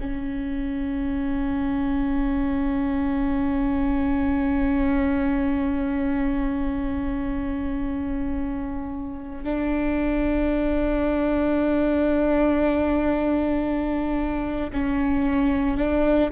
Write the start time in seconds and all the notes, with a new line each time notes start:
0.00 C#4
9.44 D4
14.72 C#4
15.77 D4